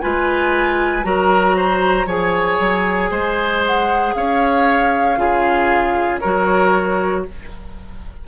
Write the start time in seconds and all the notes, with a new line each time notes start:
0.00 G#3 F4 B4 G#5
1.03 F#3 F#4 A#4 A#5
1.56 C5
2.05 F3 G#4 C#5 G#5
2.59 F#3
3.10 G#3 C5
3.66 F#5
4.14 C#4 C#5 F5
5.17 C#3 F4 G#4
6.19 F#3 F#4 A#4 C#5